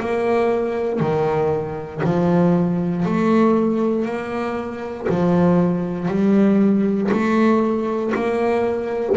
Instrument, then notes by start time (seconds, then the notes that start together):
double bass
0.00 A#3
1.00 D#3
2.04 F3
3.06 A3
4.06 A#3
5.10 F3
6.09 G3
7.12 A3
8.15 A#3